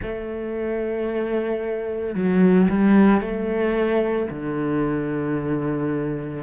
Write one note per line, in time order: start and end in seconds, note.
0.02 2.14 A3
2.14 2.68 F#3
2.69 3.21 G3
3.21 4.28 A3
4.30 6.43 D3